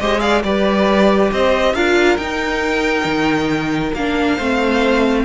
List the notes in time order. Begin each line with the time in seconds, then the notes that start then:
0.00 G#3 G4 C5 D#5
0.20 G#4 D5 F5
0.44 G3 G4 B4 D5
1.32 C4 C5 D#5
1.74 D4 F4 A#4 F5
2.18 D#4 G5
3.05 D#3
3.94 A#3 D4 F5
4.36 A3 C4 C5